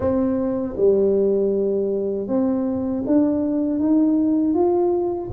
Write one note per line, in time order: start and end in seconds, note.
0.00 0.75 C4
0.77 2.27 G3
2.27 3.03 C4
3.06 3.79 D4
3.79 4.54 D#4
4.54 5.30 F4